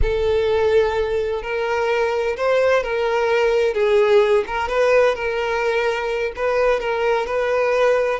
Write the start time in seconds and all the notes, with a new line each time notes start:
0.01 A4
1.42 A#4
2.36 C5
2.83 A#4
3.74 G#4
4.47 A#4
4.68 B4
5.15 A#4
6.35 B4
6.80 A#4
7.26 B4